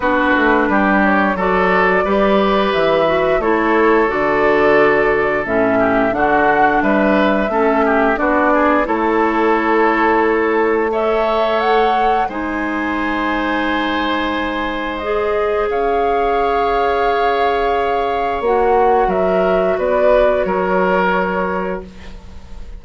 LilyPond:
<<
  \new Staff \with { instrumentName = "flute" } { \time 4/4 \tempo 4 = 88 b'4. cis''8 d''2 | e''4 cis''4 d''2 | e''4 fis''4 e''2 | d''4 cis''2. |
e''4 fis''4 gis''2~ | gis''2 dis''4 f''4~ | f''2. fis''4 | e''4 d''4 cis''2 | }
  \new Staff \with { instrumentName = "oboe" } { \time 4/4 fis'4 g'4 a'4 b'4~ | b'4 a'2.~ | a'8 g'8 fis'4 b'4 a'8 g'8 | fis'8 gis'8 a'2. |
cis''2 c''2~ | c''2. cis''4~ | cis''1 | ais'4 b'4 ais'2 | }
  \new Staff \with { instrumentName = "clarinet" } { \time 4/4 d'2 fis'4 g'4~ | g'8 fis'8 e'4 fis'2 | cis'4 d'2 cis'4 | d'4 e'2. |
a'2 dis'2~ | dis'2 gis'2~ | gis'2. fis'4~ | fis'1 | }
  \new Staff \with { instrumentName = "bassoon" } { \time 4/4 b8 a8 g4 fis4 g4 | e4 a4 d2 | a,4 d4 g4 a4 | b4 a2.~ |
a2 gis2~ | gis2. cis'4~ | cis'2. ais4 | fis4 b4 fis2 | }
>>